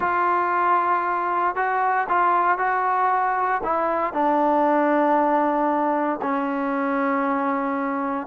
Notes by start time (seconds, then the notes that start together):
0.00 F4
1.55 F#4
2.09 F4
2.57 F#4
3.63 E4
4.13 D4
6.21 C#4